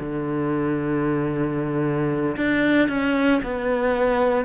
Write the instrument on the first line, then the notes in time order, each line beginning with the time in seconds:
cello
0.00 D3
2.37 D4
2.89 C#4
3.43 B3